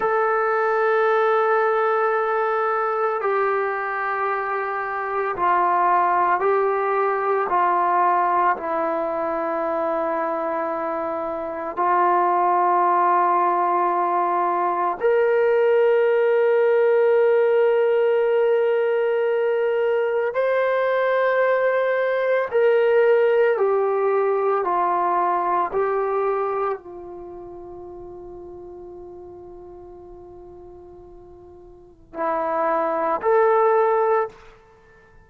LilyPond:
\new Staff \with { instrumentName = "trombone" } { \time 4/4 \tempo 4 = 56 a'2. g'4~ | g'4 f'4 g'4 f'4 | e'2. f'4~ | f'2 ais'2~ |
ais'2. c''4~ | c''4 ais'4 g'4 f'4 | g'4 f'2.~ | f'2 e'4 a'4 | }